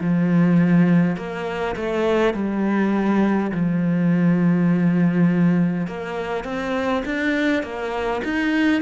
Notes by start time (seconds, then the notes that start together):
0.00 F3
1.17 A#3
1.75 A3
2.34 G3
3.52 F3
5.87 A#3
6.44 C4
7.05 D4
7.63 A#3
8.24 D#4